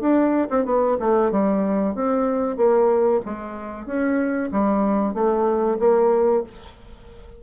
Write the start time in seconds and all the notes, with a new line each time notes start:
0.00 D4
0.50 C4
0.65 B3
1.00 A3
1.31 G3
1.94 C4
2.56 A#3
3.25 G#3
3.86 C#4
4.51 G3
5.14 A3
5.79 A#3